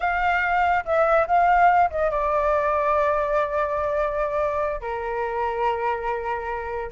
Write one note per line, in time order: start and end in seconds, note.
0.00 0.84 F5
0.85 1.27 E5
1.27 1.90 F5
1.90 2.10 D#5
2.10 4.80 D5
4.80 6.90 A#4